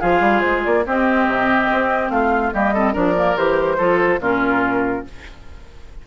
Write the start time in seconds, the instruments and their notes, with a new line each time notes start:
0.00 bassoon F3, clarinet F4, oboe G#4, flute F5
0.21 bassoon G3
0.40 bassoon G#3, flute C5
0.64 bassoon A#3, flute D5
0.86 bassoon C4, clarinet C4, oboe G4, flute D#5
1.27 bassoon C3
1.71 bassoon C4
2.09 bassoon A3, oboe F4, flute F5
2.53 bassoon G3, clarinet A#3, oboe G4, flute D#5
2.74 clarinet C4, oboe A4
2.93 bassoon F3, clarinet D4, oboe A#4, flute D5
3.15 clarinet A#3
3.36 bassoon E3, clarinet G4, flute C5
3.78 bassoon F3, clarinet F4, oboe A4
4.19 bassoon A#2, clarinet C#4, oboe F4, flute A#4